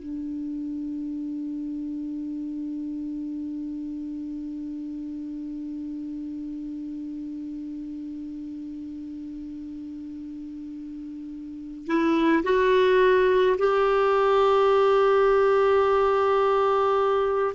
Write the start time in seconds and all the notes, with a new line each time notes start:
0.00 D4
11.87 E4
12.44 F#4
13.58 G4